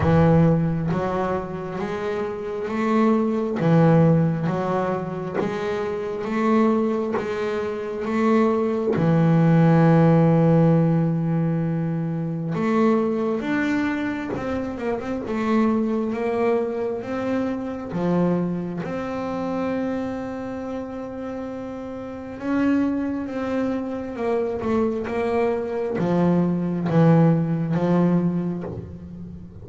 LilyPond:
\new Staff \with { instrumentName = "double bass" } { \time 4/4 \tempo 4 = 67 e4 fis4 gis4 a4 | e4 fis4 gis4 a4 | gis4 a4 e2~ | e2 a4 d'4 |
c'8 ais16 c'16 a4 ais4 c'4 | f4 c'2.~ | c'4 cis'4 c'4 ais8 a8 | ais4 f4 e4 f4 | }